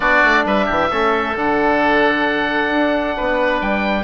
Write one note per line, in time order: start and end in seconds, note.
0.00 0.22 B3
0.00 0.90 D4
0.00 0.44 F#4
0.00 0.44 D5
0.24 0.45 A3
0.45 0.67 G3
0.45 0.66 B4
0.45 1.37 E5
0.66 0.91 E3
0.66 0.88 G4
0.90 1.36 A3
0.90 1.35 C#4
0.90 3.16 A4
1.35 2.70 D3
1.35 4.03 D4
1.35 3.60 F#5
2.70 3.15 D4
3.16 3.61 B3
3.16 4.03 B4
3.60 4.03 G3
3.60 4.03 G5